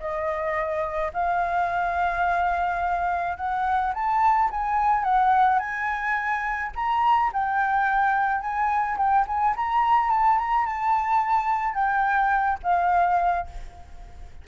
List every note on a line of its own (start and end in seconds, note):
0.00 1.12 D#5
1.14 3.37 F5
3.37 3.93 F#5
3.94 4.50 A5
4.51 5.04 G#5
5.04 5.59 F#5
5.59 6.72 G#5
6.76 7.32 A#5
7.33 8.41 G5
8.41 8.97 G#5
8.98 9.26 G5
9.27 9.55 G#5
9.56 10.11 A#5
10.11 10.38 A5
10.38 10.66 A#5
10.66 11.75 A5
11.75 12.59 G5
12.63 13.47 F5